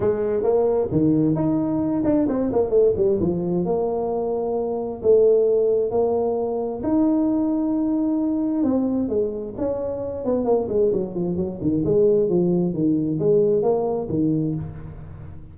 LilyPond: \new Staff \with { instrumentName = "tuba" } { \time 4/4 \tempo 4 = 132 gis4 ais4 dis4 dis'4~ | dis'8 d'8 c'8 ais8 a8 g8 f4 | ais2. a4~ | a4 ais2 dis'4~ |
dis'2. c'4 | gis4 cis'4. b8 ais8 gis8 | fis8 f8 fis8 dis8 gis4 f4 | dis4 gis4 ais4 dis4 | }